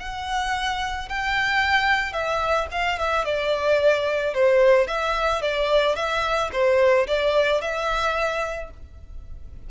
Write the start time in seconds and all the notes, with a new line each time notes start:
0.00 F#5
1.09 G5
2.13 E5
2.72 F5
2.99 E5
3.25 D5
4.34 C5
4.88 E5
5.42 D5
5.96 E5
6.53 C5
7.08 D5
7.62 E5